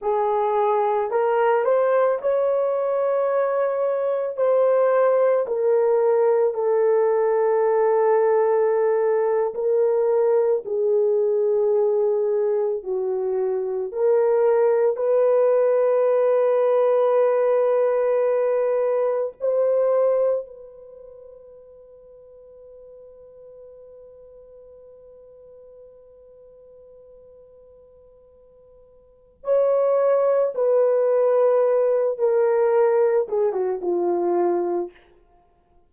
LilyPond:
\new Staff \with { instrumentName = "horn" } { \time 4/4 \tempo 4 = 55 gis'4 ais'8 c''8 cis''2 | c''4 ais'4 a'2~ | a'8. ais'4 gis'2 fis'16~ | fis'8. ais'4 b'2~ b'16~ |
b'4.~ b'16 c''4 b'4~ b'16~ | b'1~ | b'2. cis''4 | b'4. ais'4 gis'16 fis'16 f'4 | }